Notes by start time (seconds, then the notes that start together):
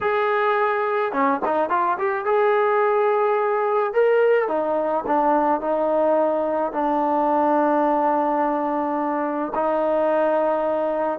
0.00 G#4
1.12 C#4
1.45 D#4
1.69 F4
1.98 G4
2.25 G#4
3.93 A#4
4.48 D#4
5.06 D4
5.60 D#4
6.72 D4
9.54 D#4